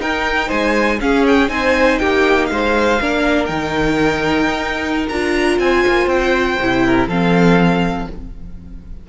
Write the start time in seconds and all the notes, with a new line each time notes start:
0.00 D#4 A#4 G5
0.48 G#3 C5 G#5
1.00 C#4 G#4 F5
1.27 G5
1.49 C4 D#4 C5 G#5
1.99 A#3 G4 G5
2.46 G#3 C5 F5
3.01 A#3 D4 A#4
3.46 D#3 D#4 G5
4.47 D#4
5.09 D4 F4 A#5
5.59 C4 C5 G#5
5.87 A#3
6.07 C4 G5
6.60 C3 E4
6.86 A#4
7.08 F3 C4 A4 F5